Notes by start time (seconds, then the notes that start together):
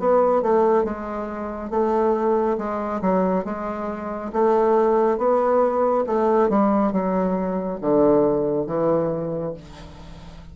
0.00 B3
0.43 A3
0.85 G#3
1.71 A3
2.58 G#3
3.02 F#3
3.45 G#3
4.33 A3
5.18 B3
6.07 A3
6.50 G3
6.92 F#3
7.82 D3
8.67 E3